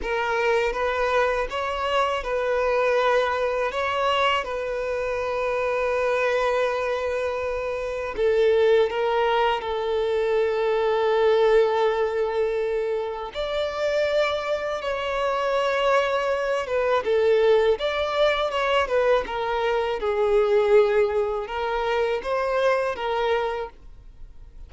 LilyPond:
\new Staff \with { instrumentName = "violin" } { \time 4/4 \tempo 4 = 81 ais'4 b'4 cis''4 b'4~ | b'4 cis''4 b'2~ | b'2. a'4 | ais'4 a'2.~ |
a'2 d''2 | cis''2~ cis''8 b'8 a'4 | d''4 cis''8 b'8 ais'4 gis'4~ | gis'4 ais'4 c''4 ais'4 | }